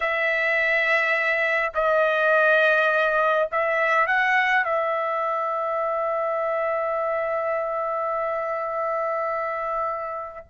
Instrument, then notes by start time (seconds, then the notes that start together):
trumpet
0.00 E5
1.74 D#5
3.51 E5
4.06 F#5
4.64 E5